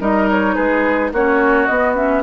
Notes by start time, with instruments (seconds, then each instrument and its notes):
0.00 bassoon G3, clarinet D#4, oboe A#4, flute D#5
0.30 flute C#5
0.55 bassoon G#3, oboe G#4, flute B4
1.12 bassoon A#3, clarinet C#4, oboe F#4, flute C#5
1.66 bassoon B3, clarinet B3, flute D#5
1.95 clarinet C#4, flute E5